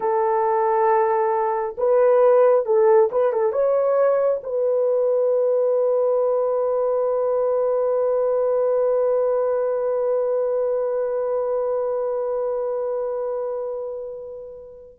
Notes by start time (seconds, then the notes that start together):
0.00 A4
1.77 B4
2.65 A4
3.11 B4
3.32 A4
3.52 C#5
4.43 B4